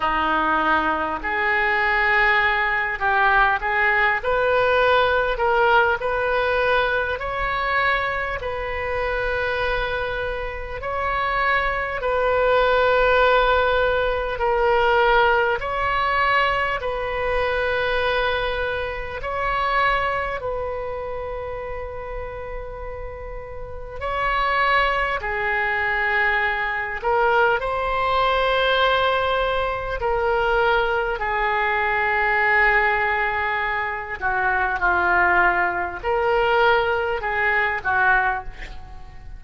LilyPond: \new Staff \with { instrumentName = "oboe" } { \time 4/4 \tempo 4 = 50 dis'4 gis'4. g'8 gis'8 b'8~ | b'8 ais'8 b'4 cis''4 b'4~ | b'4 cis''4 b'2 | ais'4 cis''4 b'2 |
cis''4 b'2. | cis''4 gis'4. ais'8 c''4~ | c''4 ais'4 gis'2~ | gis'8 fis'8 f'4 ais'4 gis'8 fis'8 | }